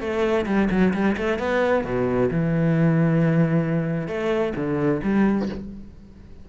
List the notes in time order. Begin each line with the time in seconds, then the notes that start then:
0.00 A3
0.46 G3
0.70 F#3
0.93 G3
1.17 A3
1.39 B3
1.84 B2
2.31 E3
4.07 A3
4.56 D3
5.03 G3